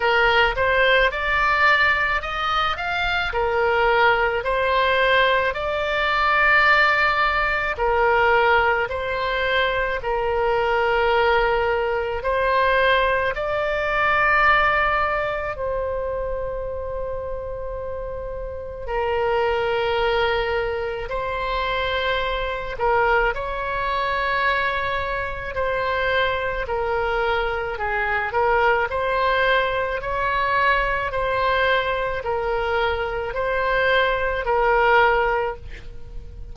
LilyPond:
\new Staff \with { instrumentName = "oboe" } { \time 4/4 \tempo 4 = 54 ais'8 c''8 d''4 dis''8 f''8 ais'4 | c''4 d''2 ais'4 | c''4 ais'2 c''4 | d''2 c''2~ |
c''4 ais'2 c''4~ | c''8 ais'8 cis''2 c''4 | ais'4 gis'8 ais'8 c''4 cis''4 | c''4 ais'4 c''4 ais'4 | }